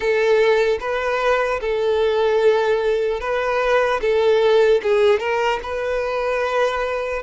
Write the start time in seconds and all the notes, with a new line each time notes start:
0.00 A4
0.80 B4
1.60 A4
3.20 B4
4.01 A4
4.82 G#4
5.19 A#4
5.62 B4